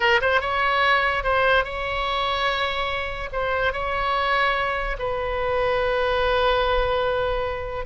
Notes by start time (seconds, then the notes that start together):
0.00 A#4
0.21 C5
0.40 C#5
1.23 C5
1.64 C#5
3.32 C5
3.72 C#5
4.98 B4